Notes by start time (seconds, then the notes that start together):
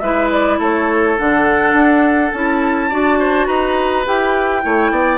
0.00 G#3 E4 B4 E5
0.31 D5
0.59 A3 A4 C#5
1.18 D3 D4 F#5
1.74 D4
2.32 C#4 E4 A5
2.89 D4 F#4 D5
3.19 C5
3.47 D#4 B4 A#5
4.05 E4 G4 G5
4.62 A3 E4 C#5
4.91 B3 D5